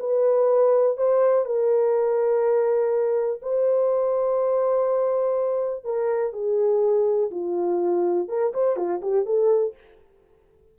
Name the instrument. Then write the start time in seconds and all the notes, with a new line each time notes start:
horn
0.00 B4
0.98 C5
1.46 A#4
3.42 C5
5.84 A#4
6.33 G#4
7.31 F4
8.29 A#4
8.54 C5
8.77 F4
9.02 G4
9.26 A4